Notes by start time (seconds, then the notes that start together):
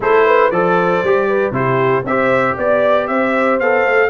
0.00 A3 E4 A4 C5
0.25 B4
0.50 F3 A4 C5 D5
1.03 G3 G4
1.28 B4
1.51 C3 E4 G4 C5
2.03 C4 G4 C5 E5
2.56 B3 D5
3.07 C4 C5 E5
3.59 B3 A4 F5
3.84 A3